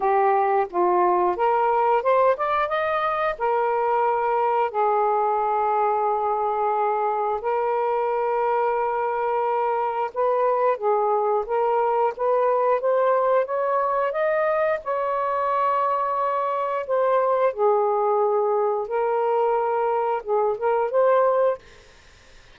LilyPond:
\new Staff \with { instrumentName = "saxophone" } { \time 4/4 \tempo 4 = 89 g'4 f'4 ais'4 c''8 d''8 | dis''4 ais'2 gis'4~ | gis'2. ais'4~ | ais'2. b'4 |
gis'4 ais'4 b'4 c''4 | cis''4 dis''4 cis''2~ | cis''4 c''4 gis'2 | ais'2 gis'8 ais'8 c''4 | }